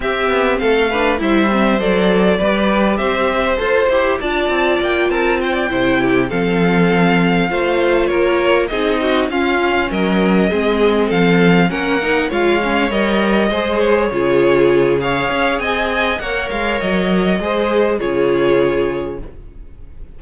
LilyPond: <<
  \new Staff \with { instrumentName = "violin" } { \time 4/4 \tempo 4 = 100 e''4 f''4 e''4 d''4~ | d''4 e''4 c''4 a''4 | g''8 a''8 g''4. f''4.~ | f''4. cis''4 dis''4 f''8~ |
f''8 dis''2 f''4 fis''8~ | fis''8 f''4 dis''4. cis''4~ | cis''4 f''4 gis''4 fis''8 f''8 | dis''2 cis''2 | }
  \new Staff \with { instrumentName = "violin" } { \time 4/4 g'4 a'8 b'8 c''2 | b'4 c''2 d''4~ | d''8 ais'8 c''16 d''16 c''8 g'8 a'4.~ | a'8 c''4 ais'4 gis'8 fis'8 f'8~ |
f'8 ais'4 gis'4 a'4 ais'8~ | ais'8 cis''2 c''4 gis'8~ | gis'4 cis''4 dis''4 cis''4~ | cis''4 c''4 gis'2 | }
  \new Staff \with { instrumentName = "viola" } { \time 4/4 c'4. d'8 e'8 c'8 a'4 | g'2 a'8 g'8 f'4~ | f'4. e'4 c'4.~ | c'8 f'2 dis'4 cis'8~ |
cis'4. c'2 cis'8 | dis'8 f'8 cis'8 ais'4 gis'4 f'8~ | f'4 gis'2 ais'4~ | ais'4 gis'4 f'2 | }
  \new Staff \with { instrumentName = "cello" } { \time 4/4 c'8 b8 a4 g4 fis4 | g4 c'4 f'8 e'8 d'8 c'8 | ais8 c'4 c4 f4.~ | f8 a4 ais4 c'4 cis'8~ |
cis'8 fis4 gis4 f4 ais8~ | ais8 gis4 g4 gis4 cis8~ | cis4. cis'8 c'4 ais8 gis8 | fis4 gis4 cis2 | }
>>